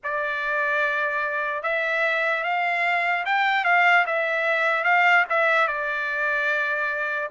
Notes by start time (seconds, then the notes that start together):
0.03 D5
1.62 E5
2.43 F5
3.25 G5
3.64 F5
4.06 E5
4.84 F5
5.29 E5
5.67 D5